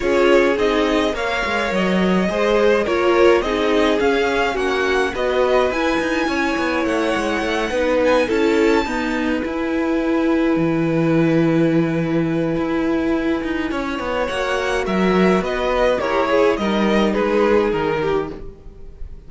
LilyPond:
<<
  \new Staff \with { instrumentName = "violin" } { \time 4/4 \tempo 4 = 105 cis''4 dis''4 f''4 dis''4~ | dis''4 cis''4 dis''4 f''4 | fis''4 dis''4 gis''2 | fis''2 gis''8 a''4.~ |
a''8 gis''2.~ gis''8~ | gis''1~ | gis''4 fis''4 e''4 dis''4 | cis''4 dis''4 b'4 ais'4 | }
  \new Staff \with { instrumentName = "violin" } { \time 4/4 gis'2 cis''2 | c''4 ais'4 gis'2 | fis'4 b'2 cis''4~ | cis''4. b'4 a'4 b'8~ |
b'1~ | b'1 | cis''2 ais'4 b'4 | ais'8 gis'8 ais'4 gis'4. g'8 | }
  \new Staff \with { instrumentName = "viola" } { \time 4/4 f'4 dis'4 ais'2 | gis'4 f'4 dis'4 cis'4~ | cis'4 fis'4 e'2~ | e'4. dis'4 e'4 b8~ |
b8 e'2.~ e'8~ | e'1~ | e'4 fis'2. | g'8 gis'8 dis'2. | }
  \new Staff \with { instrumentName = "cello" } { \time 4/4 cis'4 c'4 ais8 gis8 fis4 | gis4 ais4 c'4 cis'4 | ais4 b4 e'8 dis'8 cis'8 b8 | a8 gis8 a8 b4 cis'4 dis'8~ |
dis'8 e'2 e4.~ | e2 e'4. dis'8 | cis'8 b8 ais4 fis4 b4 | e'4 g4 gis4 dis4 | }
>>